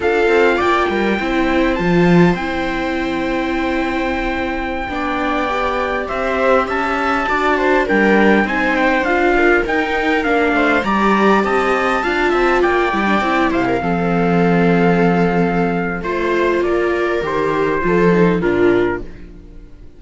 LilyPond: <<
  \new Staff \with { instrumentName = "trumpet" } { \time 4/4 \tempo 4 = 101 f''4 g''2 a''4 | g''1~ | g''2~ g''16 e''4 a''8.~ | a''4~ a''16 g''4 gis''8 g''8 f''8.~ |
f''16 g''4 f''4 ais''4 a''8.~ | a''4~ a''16 g''4. f''4~ f''16~ | f''2. c''4 | d''4 c''2 ais'4 | }
  \new Staff \with { instrumentName = "viola" } { \time 4/4 a'4 d''8 ais'8 c''2~ | c''1~ | c''16 d''2 c''4 e''8.~ | e''16 d''8 c''8 ais'4 c''4. ais'16~ |
ais'4.~ ais'16 c''8 d''4 dis''8.~ | dis''16 f''8 e''8 d''4. c''16 ais'16 a'8.~ | a'2. c''4 | ais'2 a'4 f'4 | }
  \new Staff \with { instrumentName = "viola" } { \time 4/4 f'2 e'4 f'4 | e'1~ | e'16 d'4 g'2~ g'8.~ | g'16 fis'4 d'4 dis'4 f'8.~ |
f'16 dis'4 d'4 g'4.~ g'16~ | g'16 f'4. e'16 d'16 e'4 c'8.~ | c'2. f'4~ | f'4 g'4 f'8 dis'8 d'4 | }
  \new Staff \with { instrumentName = "cello" } { \time 4/4 d'8 c'8 ais8 g8 c'4 f4 | c'1~ | c'16 b2 c'4 cis'8.~ | cis'16 d'4 g4 c'4 d'8.~ |
d'16 dis'4 ais8 a8 g4 c'8.~ | c'16 d'8 c'8 ais8 g8 c'8 c8 f8.~ | f2. a4 | ais4 dis4 f4 ais,4 | }
>>